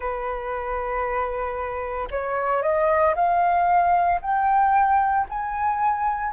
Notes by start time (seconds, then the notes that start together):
0.00 B4
2.11 C#5
2.62 D#5
3.15 F5
4.21 G5
5.29 G#5